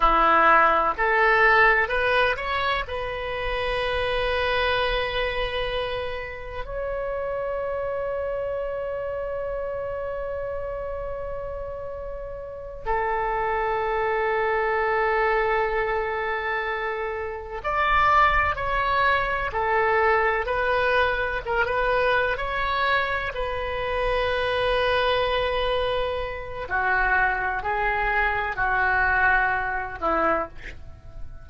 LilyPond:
\new Staff \with { instrumentName = "oboe" } { \time 4/4 \tempo 4 = 63 e'4 a'4 b'8 cis''8 b'4~ | b'2. cis''4~ | cis''1~ | cis''4. a'2~ a'8~ |
a'2~ a'8 d''4 cis''8~ | cis''8 a'4 b'4 ais'16 b'8. cis''8~ | cis''8 b'2.~ b'8 | fis'4 gis'4 fis'4. e'8 | }